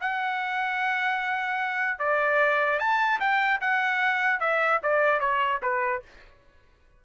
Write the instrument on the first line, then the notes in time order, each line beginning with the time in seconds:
trumpet
0.00 F#5
1.98 D5
2.79 A5
3.20 G5
3.61 F#5
4.39 E5
4.82 D5
5.19 C#5
5.62 B4